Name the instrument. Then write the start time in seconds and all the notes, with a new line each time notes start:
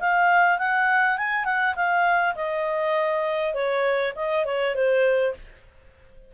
clarinet
0.00 F5
0.58 F#5
1.17 G#5
1.45 F#5
1.75 F5
2.35 D#5
3.54 C#5
4.16 D#5
4.45 C#5
4.75 C5